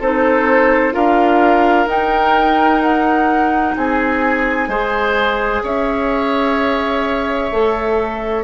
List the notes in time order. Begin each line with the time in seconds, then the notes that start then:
0.00 C4 D#4 A4 C5
0.92 D4 F4 A#4 F5
1.87 D#4 G5
2.82 F#5
3.77 C4 G#4 G#5
4.68 G#3 G#4 C5
5.64 C#4 C#5 E5
7.52 A3 A4